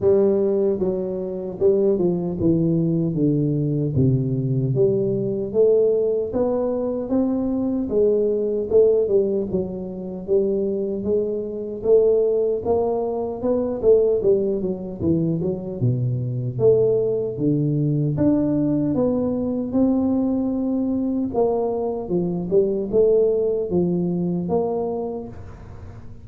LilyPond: \new Staff \with { instrumentName = "tuba" } { \time 4/4 \tempo 4 = 76 g4 fis4 g8 f8 e4 | d4 c4 g4 a4 | b4 c'4 gis4 a8 g8 | fis4 g4 gis4 a4 |
ais4 b8 a8 g8 fis8 e8 fis8 | b,4 a4 d4 d'4 | b4 c'2 ais4 | f8 g8 a4 f4 ais4 | }